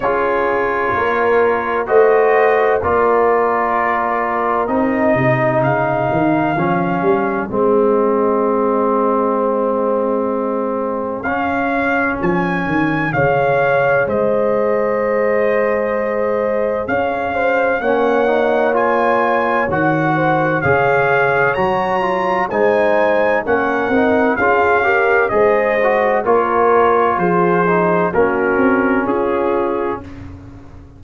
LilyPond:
<<
  \new Staff \with { instrumentName = "trumpet" } { \time 4/4 \tempo 4 = 64 cis''2 dis''4 d''4~ | d''4 dis''4 f''2 | dis''1 | f''4 gis''4 f''4 dis''4~ |
dis''2 f''4 fis''4 | gis''4 fis''4 f''4 ais''4 | gis''4 fis''4 f''4 dis''4 | cis''4 c''4 ais'4 gis'4 | }
  \new Staff \with { instrumentName = "horn" } { \time 4/4 gis'4 ais'4 c''4 ais'4~ | ais'4. gis'2~ gis'8~ | gis'1~ | gis'2 cis''4 c''4~ |
c''2 cis''8 c''8 cis''4~ | cis''4. c''8 cis''2 | c''4 ais'4 gis'8 ais'8 c''4 | ais'4 gis'4 fis'4 f'4 | }
  \new Staff \with { instrumentName = "trombone" } { \time 4/4 f'2 fis'4 f'4~ | f'4 dis'2 cis'4 | c'1 | cis'2 gis'2~ |
gis'2. cis'8 dis'8 | f'4 fis'4 gis'4 fis'8 f'8 | dis'4 cis'8 dis'8 f'8 g'8 gis'8 fis'8 | f'4. dis'8 cis'2 | }
  \new Staff \with { instrumentName = "tuba" } { \time 4/4 cis'4 ais4 a4 ais4~ | ais4 c'8 c8 cis8 dis8 f8 g8 | gis1 | cis'4 f8 dis8 cis4 gis4~ |
gis2 cis'4 ais4~ | ais4 dis4 cis4 fis4 | gis4 ais8 c'8 cis'4 gis4 | ais4 f4 ais8 c'8 cis'4 | }
>>